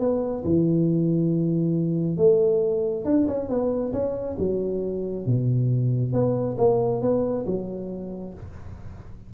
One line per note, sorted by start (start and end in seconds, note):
0.00 0.44 B3
0.45 2.18 E3
2.18 3.05 A3
3.05 3.27 D4
3.28 3.49 C#4
3.49 3.93 B3
3.93 4.37 C#4
4.39 5.26 F#3
5.26 6.13 B2
6.13 6.57 B3
6.58 7.02 A#3
7.02 7.46 B3
7.46 8.34 F#3